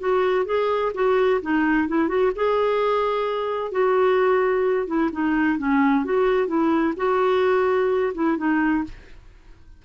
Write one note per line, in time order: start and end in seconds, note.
0.00 0.46 F#4
0.46 0.92 G#4
0.95 1.41 F#4
1.42 1.89 D#4
1.89 2.09 E4
2.09 2.32 F#4
2.36 3.72 G#4
3.72 4.87 F#4
4.87 5.11 E4
5.13 5.59 D#4
5.59 6.05 C#4
6.05 6.48 F#4
6.48 6.94 E4
6.97 8.13 F#4
8.15 8.38 E4
8.38 8.84 D#4